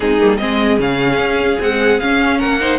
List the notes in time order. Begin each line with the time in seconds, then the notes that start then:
0.00 G#3 C4 D#4 G#4
0.20 G3 A#3
0.37 G#3 C4 G#4 D#5
0.79 C#3 C#4 F5
1.18 C#4
1.59 G#3 C4 F#5
1.99 C#4 F5
2.38 A#3 A#4 F#5
2.60 D#4 C5